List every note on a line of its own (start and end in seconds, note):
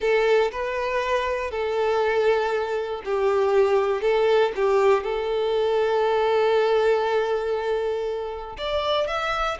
0.00 0.51 A4
0.51 1.50 B4
1.50 3.01 A4
3.04 4.01 G4
4.01 4.52 A4
4.55 5.03 G4
5.03 8.56 A4
8.57 9.07 D5
9.07 9.57 E5